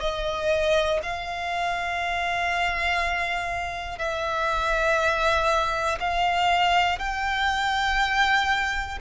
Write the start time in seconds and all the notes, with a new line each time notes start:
0.00 D#5
1.03 F5
3.98 E5
6.00 F5
6.99 G5